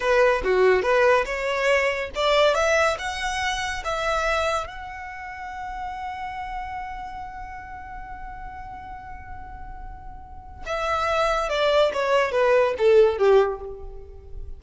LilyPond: \new Staff \with { instrumentName = "violin" } { \time 4/4 \tempo 4 = 141 b'4 fis'4 b'4 cis''4~ | cis''4 d''4 e''4 fis''4~ | fis''4 e''2 fis''4~ | fis''1~ |
fis''1~ | fis''1~ | fis''4 e''2 d''4 | cis''4 b'4 a'4 g'4 | }